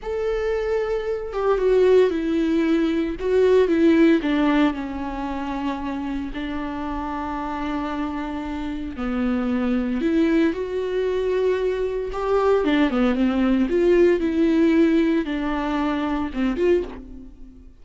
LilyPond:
\new Staff \with { instrumentName = "viola" } { \time 4/4 \tempo 4 = 114 a'2~ a'8 g'8 fis'4 | e'2 fis'4 e'4 | d'4 cis'2. | d'1~ |
d'4 b2 e'4 | fis'2. g'4 | d'8 b8 c'4 f'4 e'4~ | e'4 d'2 c'8 f'8 | }